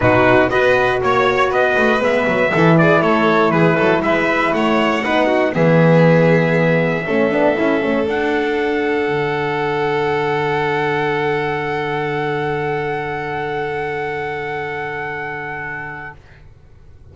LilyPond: <<
  \new Staff \with { instrumentName = "trumpet" } { \time 4/4 \tempo 4 = 119 b'4 dis''4 cis''4 dis''4 | e''4. d''8 cis''4 b'4 | e''4 fis''2 e''4~ | e''1 |
fis''1~ | fis''1~ | fis''1~ | fis''1 | }
  \new Staff \with { instrumentName = "violin" } { \time 4/4 fis'4 b'4 cis''4 b'4~ | b'4 a'8 gis'8 a'4 gis'8 a'8 | b'4 cis''4 b'8 fis'8 gis'4~ | gis'2 a'2~ |
a'1~ | a'1~ | a'1~ | a'1 | }
  \new Staff \with { instrumentName = "horn" } { \time 4/4 dis'4 fis'2. | b4 e'2.~ | e'2 dis'4 b4~ | b2 cis'8 d'8 e'8 cis'8 |
d'1~ | d'1~ | d'1~ | d'1 | }
  \new Staff \with { instrumentName = "double bass" } { \time 4/4 b,4 b4 ais4 b8 a8 | gis8 fis8 e4 a4 e8 fis8 | gis4 a4 b4 e4~ | e2 a8 b8 cis'8 a8 |
d'2 d2~ | d1~ | d1~ | d1 | }
>>